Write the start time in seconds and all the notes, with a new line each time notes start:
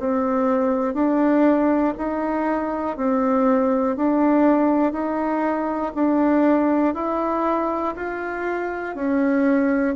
0.00 C4
0.95 D4
1.98 D#4
2.97 C4
3.97 D4
4.93 D#4
5.95 D4
6.95 E4
7.96 F4
8.96 C#4